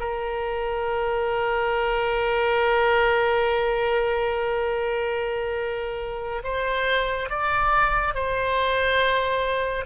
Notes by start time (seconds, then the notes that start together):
0.00 A#4
6.44 C5
7.30 D5
8.15 C5